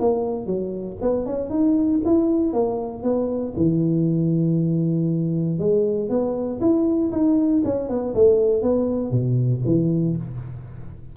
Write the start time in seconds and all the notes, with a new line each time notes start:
0.00 A#3
0.46 F#3
1.01 B3
1.26 C#4
1.50 D#4
2.05 E4
2.53 A#3
3.03 B3
3.57 E3
5.59 G#3
6.09 B3
6.61 E4
7.12 D#4
7.65 C#4
7.89 B3
8.15 A3
8.62 B3
9.11 B2
9.66 E3